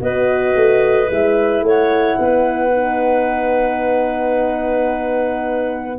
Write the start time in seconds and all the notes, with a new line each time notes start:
0.00 B3 F#4 B4 D#5
0.55 A3
1.07 G#3 E4 E5
1.61 A3 C#5 F#5
2.19 B3 B4
2.72 D#4